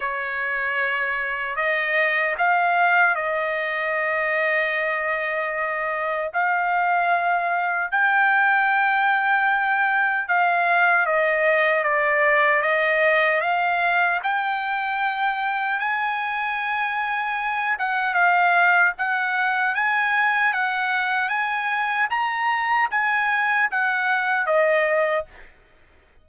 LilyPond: \new Staff \with { instrumentName = "trumpet" } { \time 4/4 \tempo 4 = 76 cis''2 dis''4 f''4 | dis''1 | f''2 g''2~ | g''4 f''4 dis''4 d''4 |
dis''4 f''4 g''2 | gis''2~ gis''8 fis''8 f''4 | fis''4 gis''4 fis''4 gis''4 | ais''4 gis''4 fis''4 dis''4 | }